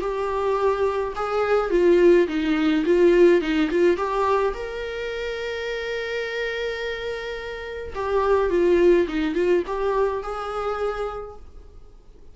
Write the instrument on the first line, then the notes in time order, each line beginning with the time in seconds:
viola
0.00 G4
1.16 G#4
1.70 F4
2.28 D#4
2.85 F4
3.41 D#4
3.70 F4
3.97 G4
4.54 A#4
7.95 G4
8.50 F4
9.08 D#4
9.35 F4
9.67 G4
10.22 G#4